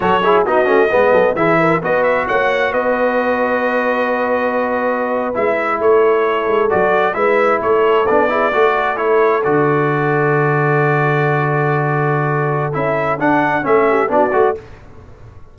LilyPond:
<<
  \new Staff \with { instrumentName = "trumpet" } { \time 4/4 \tempo 4 = 132 cis''4 dis''2 e''4 | dis''8 e''8 fis''4 dis''2~ | dis''2.~ dis''8. e''16~ | e''8. cis''2 d''4 e''16~ |
e''8. cis''4 d''2 cis''16~ | cis''8. d''2.~ d''16~ | d''1 | e''4 fis''4 e''4 d''4 | }
  \new Staff \with { instrumentName = "horn" } { \time 4/4 a'8 gis'8 fis'4 b'8 a'8 gis'8 ais'8 | b'4 cis''4 b'2~ | b'1~ | b'8. a'2. b'16~ |
b'8. a'4. gis'8 a'4~ a'16~ | a'1~ | a'1~ | a'2~ a'8 g'8 fis'4 | }
  \new Staff \with { instrumentName = "trombone" } { \time 4/4 fis'8 e'8 dis'8 cis'8 b4 e'4 | fis'1~ | fis'2.~ fis'8. e'16~ | e'2~ e'8. fis'4 e'16~ |
e'4.~ e'16 d'8 e'8 fis'4 e'16~ | e'8. fis'2.~ fis'16~ | fis'1 | e'4 d'4 cis'4 d'8 fis'8 | }
  \new Staff \with { instrumentName = "tuba" } { \time 4/4 fis4 b8 a8 gis8 fis8 e4 | b4 ais4 b2~ | b2.~ b8. gis16~ | gis8. a4. gis8 fis4 gis16~ |
gis8. a4 b4 a4~ a16~ | a8. d2.~ d16~ | d1 | cis'4 d'4 a4 b8 a8 | }
>>